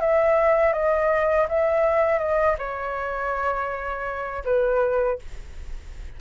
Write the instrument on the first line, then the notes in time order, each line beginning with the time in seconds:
flute
0.00 E5
0.73 D#5
1.48 E5
2.19 D#5
2.58 C#5
4.44 B4